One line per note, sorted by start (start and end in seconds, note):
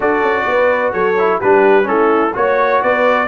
0.00 0.22 D4
0.00 1.14 F#4
0.00 0.45 A4
0.00 0.92 D5
0.22 0.46 C#4
0.47 0.93 B3
0.47 0.93 B4
0.92 1.40 F#3
0.92 1.38 A4
0.92 1.39 C#5
1.18 1.41 E4
1.38 1.87 G3
1.38 1.83 D4
1.38 1.85 G4
1.38 1.87 B4
1.83 2.34 A3
1.83 2.30 C#4
1.83 2.35 E4
1.83 2.34 A4
2.33 2.82 A#3
2.33 3.27 F#4
2.33 2.82 C#5
2.82 3.27 B3
2.82 3.27 B4
2.82 3.27 D5